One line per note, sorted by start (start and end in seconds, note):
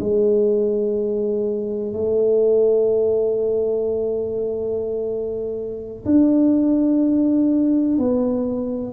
0.00 1.94 G#3
1.94 6.05 A3
6.06 7.99 D4
7.99 8.93 B3